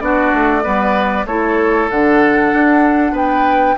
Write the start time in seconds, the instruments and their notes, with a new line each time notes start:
0.00 bassoon B3, clarinet D4, oboe F#4, flute D5
0.33 bassoon A3
0.62 bassoon G3, clarinet B3, oboe B4
1.26 bassoon A3, clarinet E4, oboe A4, flute C#5
1.90 bassoon D3, clarinet D4, flute F#5
2.53 bassoon D4
3.12 bassoon B3, oboe B4, flute G5